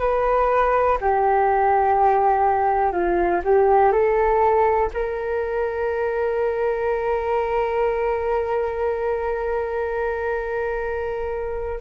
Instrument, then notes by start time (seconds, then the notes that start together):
flute
0.00 B4
1.01 G4
2.92 F4
3.44 G4
3.92 A4
4.94 A#4